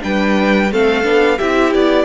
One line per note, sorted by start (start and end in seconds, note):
0.00 0.72 G3
0.00 0.69 D4
0.00 0.73 B4
0.00 0.73 G5
0.72 1.04 A3
0.72 1.03 C4
0.72 1.38 A4
0.72 1.39 F5
1.03 1.39 B3
1.03 1.38 D4
1.38 1.75 C4
1.38 2.06 E4
1.38 2.06 G4
1.38 1.73 E5
1.74 2.06 B3
1.74 2.06 D5